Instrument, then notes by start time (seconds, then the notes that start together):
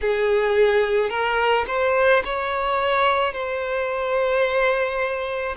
violin
0.01 G#4
1.09 A#4
1.67 C5
2.24 C#5
3.33 C5